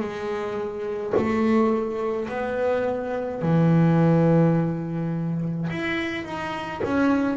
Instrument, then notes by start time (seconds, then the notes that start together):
double bass
0.00 G#3
1.16 A3
2.28 B3
3.42 E3
5.70 E4
6.24 D#4
6.83 C#4